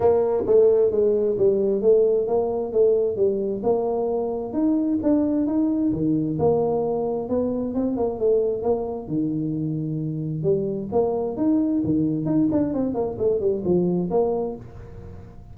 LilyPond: \new Staff \with { instrumentName = "tuba" } { \time 4/4 \tempo 4 = 132 ais4 a4 gis4 g4 | a4 ais4 a4 g4 | ais2 dis'4 d'4 | dis'4 dis4 ais2 |
b4 c'8 ais8 a4 ais4 | dis2. g4 | ais4 dis'4 dis4 dis'8 d'8 | c'8 ais8 a8 g8 f4 ais4 | }